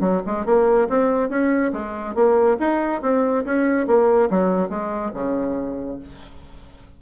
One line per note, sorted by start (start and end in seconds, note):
0.00 0.21 F#3
0.26 0.45 G#3
0.45 0.88 A#3
0.89 1.29 C4
1.29 1.72 C#4
1.72 2.15 G#3
2.15 2.57 A#3
2.59 3.02 D#4
3.02 3.44 C4
3.45 3.87 C#4
3.87 4.29 A#3
4.30 4.69 F#3
4.69 5.12 G#3
5.14 5.99 C#3